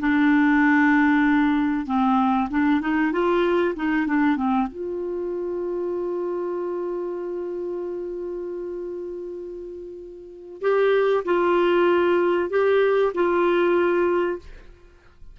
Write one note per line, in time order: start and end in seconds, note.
0.00 1.87 D4
1.87 2.49 C4
2.51 2.82 D4
2.82 3.12 D#4
3.12 3.75 F4
3.76 4.07 D#4
4.07 4.37 D4
4.37 4.68 C4
4.68 10.61 F4
10.62 11.24 G4
11.26 12.50 F4
12.50 13.13 G4
13.14 14.39 F4